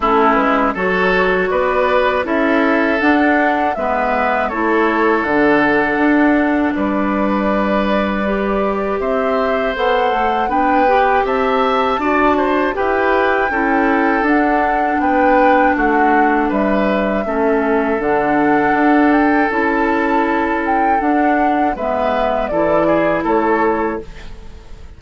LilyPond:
<<
  \new Staff \with { instrumentName = "flute" } { \time 4/4 \tempo 4 = 80 a'8 b'8 cis''4 d''4 e''4 | fis''4 e''4 cis''4 fis''4~ | fis''4 d''2. | e''4 fis''4 g''4 a''4~ |
a''4 g''2 fis''4 | g''4 fis''4 e''2 | fis''4. g''8 a''4. g''8 | fis''4 e''4 d''4 cis''4 | }
  \new Staff \with { instrumentName = "oboe" } { \time 4/4 e'4 a'4 b'4 a'4~ | a'4 b'4 a'2~ | a'4 b'2. | c''2 b'4 e''4 |
d''8 c''8 b'4 a'2 | b'4 fis'4 b'4 a'4~ | a'1~ | a'4 b'4 a'8 gis'8 a'4 | }
  \new Staff \with { instrumentName = "clarinet" } { \time 4/4 cis'4 fis'2 e'4 | d'4 b4 e'4 d'4~ | d'2. g'4~ | g'4 a'4 d'8 g'4. |
fis'4 g'4 e'4 d'4~ | d'2. cis'4 | d'2 e'2 | d'4 b4 e'2 | }
  \new Staff \with { instrumentName = "bassoon" } { \time 4/4 a8 gis8 fis4 b4 cis'4 | d'4 gis4 a4 d4 | d'4 g2. | c'4 b8 a8 b4 c'4 |
d'4 e'4 cis'4 d'4 | b4 a4 g4 a4 | d4 d'4 cis'2 | d'4 gis4 e4 a4 | }
>>